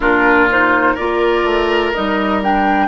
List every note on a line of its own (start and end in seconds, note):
0.00 0.97 A#2
0.00 0.49 D4
0.00 0.94 F4
0.00 0.49 A#4
0.49 0.98 D#4
0.49 0.95 C5
0.94 1.44 A#3
0.94 1.94 F4
0.94 2.87 A#4
0.94 1.92 D5
1.44 1.92 A3
1.93 2.88 G3
1.93 2.42 D#4
1.93 2.41 D#5
2.43 2.88 D4
2.43 2.88 G5